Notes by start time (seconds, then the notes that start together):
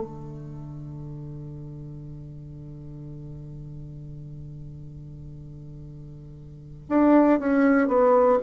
0.00 D3
6.88 D4
7.39 C#4
7.87 B3